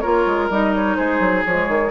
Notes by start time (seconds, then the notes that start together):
0.00 A#3 F4 A#4 C#5
0.26 G#3
0.50 G3 D#4 D#5
0.75 C#5
0.96 G#3 G#4 C5
1.20 F#3
1.46 F3 G#3 C#5
1.69 D#3